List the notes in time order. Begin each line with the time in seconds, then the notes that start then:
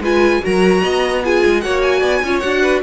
0.00 G#3 F4 B4 G#5
0.42 F#3 F#4 A#4 A#5
0.83 B3 D#5
1.25 F4 G#4 G#5
1.46 G#3
1.61 A#3 F#4 C#5 F#5
1.83 G#5
2.00 B3 D5
2.23 C#4 F4 C#5
2.40 D4 F#4 F#5
2.62 B4